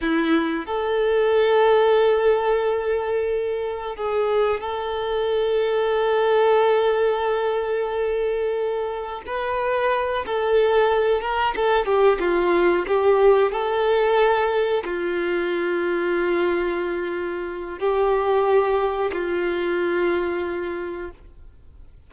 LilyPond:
\new Staff \with { instrumentName = "violin" } { \time 4/4 \tempo 4 = 91 e'4 a'2.~ | a'2 gis'4 a'4~ | a'1~ | a'2 b'4. a'8~ |
a'4 ais'8 a'8 g'8 f'4 g'8~ | g'8 a'2 f'4.~ | f'2. g'4~ | g'4 f'2. | }